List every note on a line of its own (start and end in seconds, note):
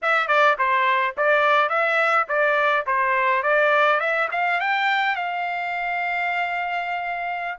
0.02 0.27 E5
0.27 0.56 D5
0.58 1.15 C5
1.17 1.69 D5
1.69 2.26 E5
2.28 2.85 D5
2.86 3.42 C5
3.42 3.99 D5
3.99 4.28 E5
4.31 4.60 F5
4.60 5.15 G5
5.15 7.58 F5